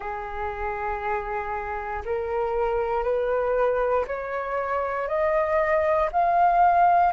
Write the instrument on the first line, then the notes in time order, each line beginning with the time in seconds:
flute
0.00 G#4
2.05 A#4
3.03 B4
4.07 C#5
5.08 D#5
6.12 F5